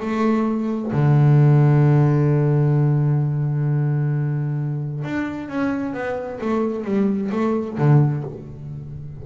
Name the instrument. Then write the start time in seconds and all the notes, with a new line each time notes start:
double bass
0.00 A3
0.92 D3
5.04 D4
5.48 C#4
5.93 B3
6.41 A3
6.84 G3
7.31 A3
7.78 D3